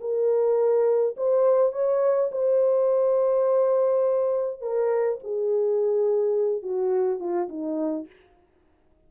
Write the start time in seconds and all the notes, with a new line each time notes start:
0.00 A#4
1.16 C5
1.72 C#5
2.31 C5
4.61 A#4
5.23 G#4
6.62 F#4
7.19 F4
7.48 D#4